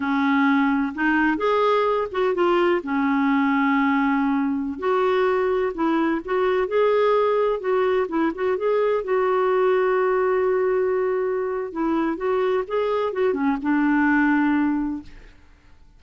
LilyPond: \new Staff \with { instrumentName = "clarinet" } { \time 4/4 \tempo 4 = 128 cis'2 dis'4 gis'4~ | gis'8 fis'8 f'4 cis'2~ | cis'2~ cis'16 fis'4.~ fis'16~ | fis'16 e'4 fis'4 gis'4.~ gis'16~ |
gis'16 fis'4 e'8 fis'8 gis'4 fis'8.~ | fis'1~ | fis'4 e'4 fis'4 gis'4 | fis'8 cis'8 d'2. | }